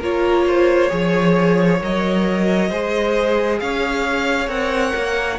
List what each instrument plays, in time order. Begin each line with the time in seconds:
0.00 cello A#3, viola F4, violin A#4 C#5
0.47 violin C5
0.90 cello F3, viola G#4, violin C#5
1.82 cello F#3, viola A#4, violin D#5
2.70 cello G#3, viola G#4, violin C5
3.60 cello C#4, violin C#5 F5
4.48 cello C4, viola A#4, violin F#5
4.96 cello A#3